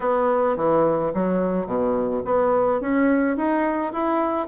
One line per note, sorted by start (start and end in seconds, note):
0.00 0.56 B3
0.56 1.12 E3
1.14 1.66 F#3
1.66 2.22 B2
2.25 2.80 B3
2.80 3.36 C#4
3.36 3.93 D#4
3.93 4.47 E4